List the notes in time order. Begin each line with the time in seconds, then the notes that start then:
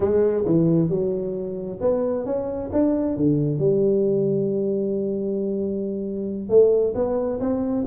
0.00 G#3
0.45 E3
0.89 F#3
1.81 B3
2.25 C#4
2.72 D4
3.16 D3
3.58 G3
6.49 A3
6.94 B3
7.39 C4